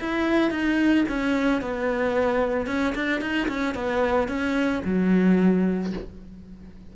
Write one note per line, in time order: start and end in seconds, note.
0.00 0.51 E4
0.51 1.05 D#4
1.08 1.61 C#4
1.61 2.67 B3
2.67 2.94 C#4
2.95 3.21 D4
3.21 3.48 D#4
3.48 3.75 C#4
3.75 4.28 B3
4.28 4.82 C#4
4.85 5.93 F#3